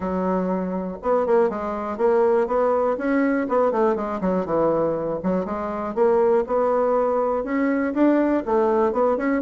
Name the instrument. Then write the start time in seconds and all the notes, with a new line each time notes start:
bassoon
0.00 F#3
1.02 B3
1.26 A#3
1.49 G#3
1.97 A#3
2.47 B3
2.97 C#4
3.48 B3
3.71 A3
3.95 G#3
4.20 F#3
4.45 E3
5.23 F#3
5.45 G#3
5.94 A#3
6.47 B3
7.44 C#4
7.94 D4
8.45 A3
8.92 B3
9.17 C#4